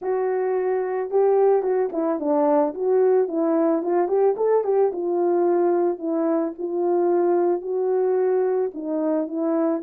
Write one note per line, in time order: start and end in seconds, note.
0.01 1.10 F#4
1.10 1.62 G4
1.62 1.89 F#4
1.92 2.19 E4
2.19 2.74 D4
2.74 3.28 F#4
3.28 3.82 E4
3.82 4.08 F4
4.08 4.35 G4
4.36 4.64 A4
4.64 4.91 G4
4.92 5.98 F4
5.98 6.52 E4
6.58 7.61 F4
7.61 8.70 F#4
8.74 9.27 D#4
9.27 9.82 E4